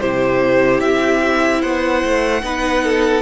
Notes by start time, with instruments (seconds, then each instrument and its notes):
0.00 cello C3, viola E4, violin G4 C5
0.80 cello C4, violin E5
1.60 cello B3, violin C5 F#5
2.04 cello A3
2.43 cello B3, viola D#4, violin B4
2.83 violin A4